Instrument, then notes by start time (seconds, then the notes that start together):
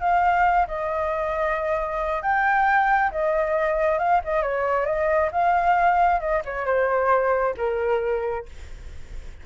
flute
0.00 F5
0.67 D#5
2.22 G5
3.12 D#5
3.99 F5
4.24 D#5
4.42 C#5
4.86 D#5
5.32 F5
6.20 D#5
6.45 C#5
6.66 C5
7.57 A#4